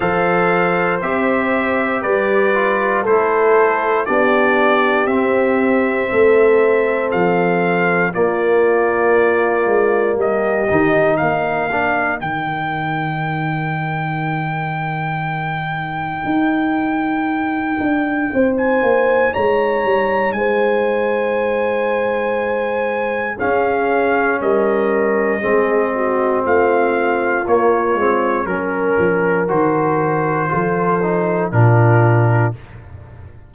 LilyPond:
<<
  \new Staff \with { instrumentName = "trumpet" } { \time 4/4 \tempo 4 = 59 f''4 e''4 d''4 c''4 | d''4 e''2 f''4 | d''2 dis''4 f''4 | g''1~ |
g''2~ g''16 gis''8. ais''4 | gis''2. f''4 | dis''2 f''4 cis''4 | ais'4 c''2 ais'4 | }
  \new Staff \with { instrumentName = "horn" } { \time 4/4 c''2 b'4 a'4 | g'2 a'2 | f'2 g'4 ais'4~ | ais'1~ |
ais'2 c''4 cis''4 | c''2. gis'4 | ais'4 gis'8 fis'8 f'2 | ais'2 a'4 f'4 | }
  \new Staff \with { instrumentName = "trombone" } { \time 4/4 a'4 g'4. f'8 e'4 | d'4 c'2. | ais2~ ais8 dis'4 d'8 | dis'1~ |
dis'1~ | dis'2. cis'4~ | cis'4 c'2 ais8 c'8 | cis'4 fis'4 f'8 dis'8 d'4 | }
  \new Staff \with { instrumentName = "tuba" } { \time 4/4 f4 c'4 g4 a4 | b4 c'4 a4 f4 | ais4. gis8 g8 dis8 ais4 | dis1 |
dis'4. d'8 c'8 ais8 gis8 g8 | gis2. cis'4 | g4 gis4 a4 ais8 gis8 | fis8 f8 dis4 f4 ais,4 | }
>>